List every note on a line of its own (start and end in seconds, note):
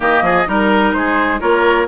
0.00 0.22 D#3
0.00 0.45 A#3
0.00 0.23 G4
0.00 0.48 D#5
0.22 0.45 F3
0.22 0.48 G#4
0.46 0.94 G3
0.46 1.40 D#4
0.46 0.92 A#4
0.46 0.95 A#4
0.92 1.41 G#3
0.92 1.40 G#4
0.92 1.39 C5
1.40 1.87 A#3
1.40 1.87 F4
1.40 1.87 A#4
1.40 1.87 C#5